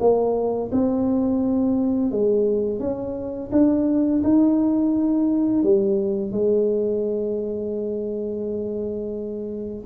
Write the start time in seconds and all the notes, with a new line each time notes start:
0.00 A#3
0.72 C4
2.11 G#3
2.79 C#4
3.51 D4
4.23 D#4
5.62 G3
6.31 G#3